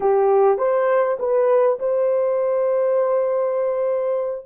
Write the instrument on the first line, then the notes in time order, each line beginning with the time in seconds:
horn
0.00 G4
0.58 C5
1.19 B4
1.79 C5